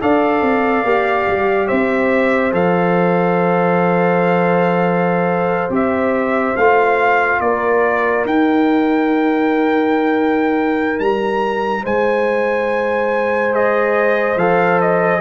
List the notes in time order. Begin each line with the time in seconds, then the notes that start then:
0.00 D4 A4 D5 F5
0.41 C4
0.83 A#3 G4
1.27 G3
1.67 C4 C5 E5
2.52 F3 A4 F5
5.69 C4 G4 E5
6.57 A3 F4 F5
7.40 A#3 A#4 D5
8.24 D#4 G5
10.99 G3 A#5
11.83 G#3 C5 G#5
13.51 G#4 D#5
14.36 F3 A4 F5
14.80 D#5